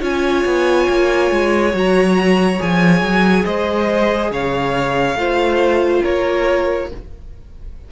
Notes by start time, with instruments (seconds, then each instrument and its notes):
0.00 cello C#4, viola F4, violin C#5 G#5
0.45 cello B3
0.88 cello A#3
1.31 cello G#3
1.72 cello F#3, viola F#4, violin A#5
2.58 cello F3, viola G#4, violin G#5
3.01 cello F#3
3.45 cello G#3, violin C5 D#5
4.30 cello C#3, violin C#5 F5
5.15 cello A3, viola F4, violin C5
6.02 cello A#3, violin A#4 C#5